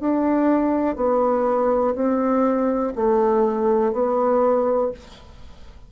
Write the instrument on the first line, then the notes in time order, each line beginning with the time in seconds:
bassoon
0.00 D4
0.96 B3
1.95 C4
2.96 A3
3.93 B3